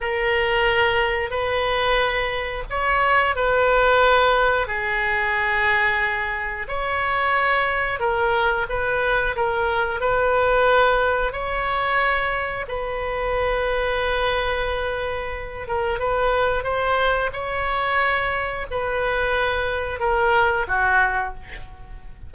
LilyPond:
\new Staff \with { instrumentName = "oboe" } { \time 4/4 \tempo 4 = 90 ais'2 b'2 | cis''4 b'2 gis'4~ | gis'2 cis''2 | ais'4 b'4 ais'4 b'4~ |
b'4 cis''2 b'4~ | b'2.~ b'8 ais'8 | b'4 c''4 cis''2 | b'2 ais'4 fis'4 | }